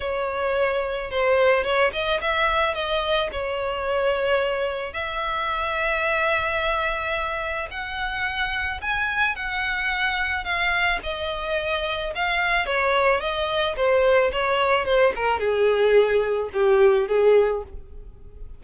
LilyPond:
\new Staff \with { instrumentName = "violin" } { \time 4/4 \tempo 4 = 109 cis''2 c''4 cis''8 dis''8 | e''4 dis''4 cis''2~ | cis''4 e''2.~ | e''2 fis''2 |
gis''4 fis''2 f''4 | dis''2 f''4 cis''4 | dis''4 c''4 cis''4 c''8 ais'8 | gis'2 g'4 gis'4 | }